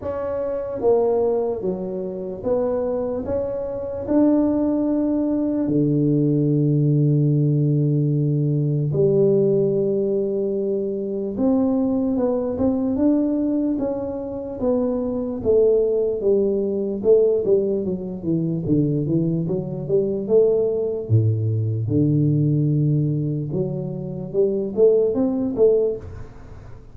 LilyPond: \new Staff \with { instrumentName = "tuba" } { \time 4/4 \tempo 4 = 74 cis'4 ais4 fis4 b4 | cis'4 d'2 d4~ | d2. g4~ | g2 c'4 b8 c'8 |
d'4 cis'4 b4 a4 | g4 a8 g8 fis8 e8 d8 e8 | fis8 g8 a4 a,4 d4~ | d4 fis4 g8 a8 c'8 a8 | }